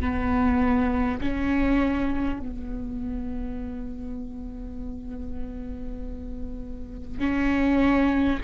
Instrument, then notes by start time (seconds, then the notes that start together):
viola
0.00 B3
1.21 C#4
2.41 B3
7.19 C#4